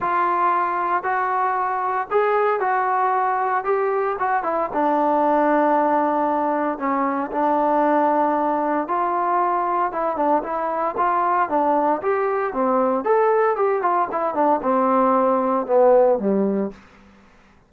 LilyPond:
\new Staff \with { instrumentName = "trombone" } { \time 4/4 \tempo 4 = 115 f'2 fis'2 | gis'4 fis'2 g'4 | fis'8 e'8 d'2.~ | d'4 cis'4 d'2~ |
d'4 f'2 e'8 d'8 | e'4 f'4 d'4 g'4 | c'4 a'4 g'8 f'8 e'8 d'8 | c'2 b4 g4 | }